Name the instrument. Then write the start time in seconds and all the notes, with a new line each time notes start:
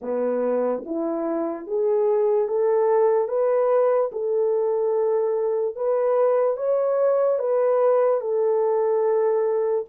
horn
0.01 B3
0.85 E4
1.66 G#4
2.47 A4
3.28 B4
4.12 A4
5.75 B4
6.56 C#5
7.39 B4
8.20 A4